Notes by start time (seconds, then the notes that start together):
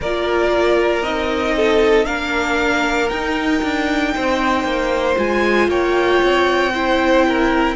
0.00 A#3 F4 A#4 D5
1.02 C4 D#4 D#5
1.56 A4
2.05 A#3 D4 A#4 F5
3.08 D#4 G5
3.62 D4
4.15 C4 C5
4.64 A#3
5.15 G#3 F4 G#5
5.68 A#3 C#5 G5
6.23 C4
6.74 E4 C5
7.28 A#4